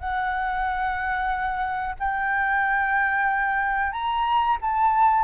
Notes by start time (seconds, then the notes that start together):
0.00 F#5
2.00 G5
3.92 A#5
4.61 A5